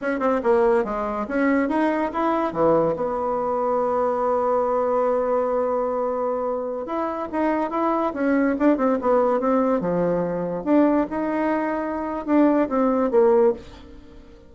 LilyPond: \new Staff \with { instrumentName = "bassoon" } { \time 4/4 \tempo 4 = 142 cis'8 c'8 ais4 gis4 cis'4 | dis'4 e'4 e4 b4~ | b1~ | b1~ |
b16 e'4 dis'4 e'4 cis'8.~ | cis'16 d'8 c'8 b4 c'4 f8.~ | f4~ f16 d'4 dis'4.~ dis'16~ | dis'4 d'4 c'4 ais4 | }